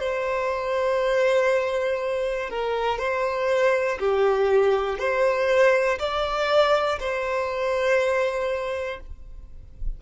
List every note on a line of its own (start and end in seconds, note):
0.00 2.50 C5
2.50 2.99 A#4
2.99 3.99 C5
4.00 4.99 G4
4.99 5.99 C5
6.00 7.00 D5
7.00 9.00 C5